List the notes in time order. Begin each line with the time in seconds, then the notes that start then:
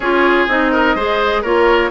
0.00 C#4 F4 G#4 C#5
0.47 C4 D#4 D#5
0.71 A#4
0.95 G#3 G#4 C5
1.42 A#3 F4 A#4 C#5